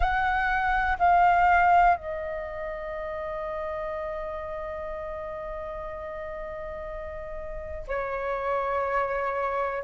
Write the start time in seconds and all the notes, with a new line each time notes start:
0.00 F#5
0.98 F5
1.96 D#5
7.87 C#5